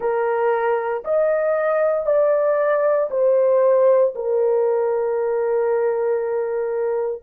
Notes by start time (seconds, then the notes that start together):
0.00 A#4
1.04 D#5
2.05 D5
3.10 C5
4.15 A#4